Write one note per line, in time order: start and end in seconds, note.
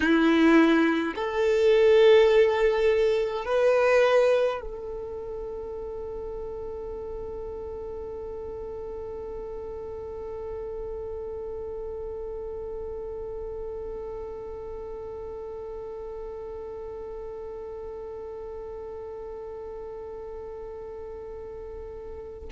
0.00 1.14 E4
1.15 3.45 A4
3.45 4.60 B4
4.60 22.49 A4